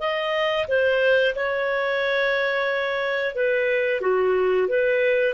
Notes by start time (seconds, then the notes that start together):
0.00 D#5
0.68 C5
1.36 C#5
3.35 B4
4.01 F#4
4.68 B4